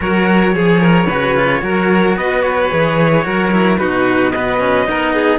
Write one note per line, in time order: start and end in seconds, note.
0.00 0.54 F#3
0.00 0.52 F#4
0.00 0.55 A#4
0.00 2.17 C#5
0.52 1.07 F3
0.52 1.06 G#4
0.52 0.81 G#4
0.81 1.06 A#4
1.06 1.61 C#3
1.06 1.36 F#4
1.06 1.60 B4
1.36 1.62 F4
1.61 2.16 F#3
1.61 2.70 F#4
1.61 2.16 A#4
2.16 2.71 B3
2.16 3.24 B4
2.16 2.41 D#5
2.41 3.77 C#5
2.70 3.25 E3
2.70 3.23 G#4
3.23 3.79 F#3
3.23 3.50 F#4
3.23 3.79 A#4
3.51 3.78 E4
3.78 4.88 B2
3.78 4.32 D#4
3.78 4.33 F#4
3.78 4.30 B4
4.30 4.59 B3
4.30 4.88 B4
4.30 5.38 D#5
4.59 4.86 C#4
4.86 5.39 B3
4.86 5.39 D#4
4.86 5.13 A#4
5.13 5.39 G#4